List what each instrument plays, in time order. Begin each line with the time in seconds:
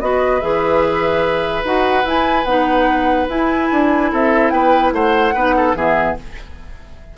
0.00 bassoon B3, clarinet F#4, oboe B4, flute D#5
0.41 bassoon E3, clarinet G#4, flute E5
1.64 bassoon D#4, clarinet F#4, flute F#5
2.04 clarinet E4, bassoon E4, flute G#5
2.44 bassoon B3, clarinet D#4, flute F#5
3.29 clarinet E4, bassoon E4, flute G#5
3.71 bassoon D4
4.12 bassoon C4, oboe A4, flute E5
4.50 bassoon B3, oboe B4, flute G5
4.92 bassoon A3, oboe C5, flute F#5
5.34 bassoon B3, clarinet D#4, oboe B4
5.56 oboe A4
5.74 bassoon E3, clarinet B3, oboe G#4, flute E5